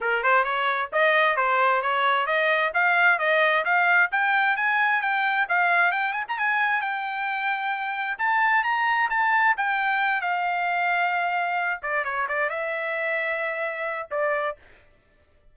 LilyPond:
\new Staff \with { instrumentName = "trumpet" } { \time 4/4 \tempo 4 = 132 ais'8 c''8 cis''4 dis''4 c''4 | cis''4 dis''4 f''4 dis''4 | f''4 g''4 gis''4 g''4 | f''4 g''8 gis''16 ais''16 gis''4 g''4~ |
g''2 a''4 ais''4 | a''4 g''4. f''4.~ | f''2 d''8 cis''8 d''8 e''8~ | e''2. d''4 | }